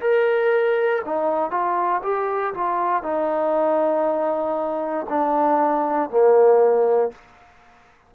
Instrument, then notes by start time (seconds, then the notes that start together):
trombone
0.00 A#4
1.04 D#4
1.50 F4
2.02 G4
2.54 F4
3.03 D#4
5.09 D4
6.10 A#3